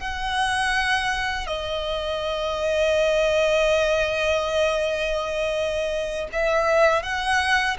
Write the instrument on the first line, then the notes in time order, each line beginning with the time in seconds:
violin
0.00 F#5
1.47 D#5
6.33 E5
7.03 F#5